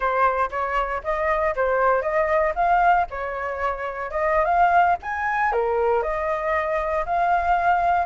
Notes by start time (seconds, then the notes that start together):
0.00 C5
0.50 C#5
1.03 D#5
1.55 C5
2.01 D#5
2.55 F5
3.10 C#5
4.10 D#5
4.45 F5
5.02 G#5
5.52 A#4
6.02 D#5
7.05 F5